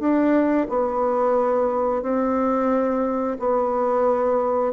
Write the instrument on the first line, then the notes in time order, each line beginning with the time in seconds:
bassoon
0.00 D4
0.70 B3
2.03 C4
3.39 B3